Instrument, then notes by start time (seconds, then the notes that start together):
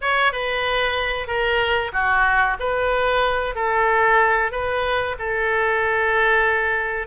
oboe
0.01 C#5
0.32 B4
1.27 A#4
1.92 F#4
2.59 B4
3.55 A4
4.51 B4
5.18 A4